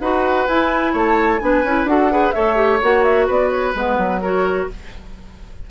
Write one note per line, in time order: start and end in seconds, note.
0.00 0.47 D#4
0.00 0.49 F#4
0.00 0.93 B4
0.00 0.47 F#5
0.47 0.94 E4
0.47 1.40 E4
0.47 0.94 G#5
0.93 1.41 A3
0.93 1.40 C#5
0.93 1.39 A5
1.39 1.63 B3
1.39 1.63 D4
1.39 1.90 B4
1.39 1.85 G#5
1.63 1.84 C#4
1.63 1.87 E4
1.84 2.31 D4
1.84 2.11 F#4
1.84 2.12 A4
1.84 2.31 F#5
2.11 2.34 G#4
2.11 2.34 B4
2.31 2.82 A3
2.31 2.56 A4
2.31 3.27 C#5
2.31 2.78 E5
2.56 2.79 G4
2.82 3.29 A#3
2.82 3.75 F#4
2.82 3.03 F#5
3.03 3.27 E5
3.27 3.75 B3
3.27 4.21 B4
3.27 3.50 D5
3.50 3.73 C#5
3.75 3.97 G#3
3.75 4.22 B3
3.75 4.22 B4
3.97 4.68 F#3
4.21 4.70 F#4
4.21 4.68 A#4
4.21 4.69 C#5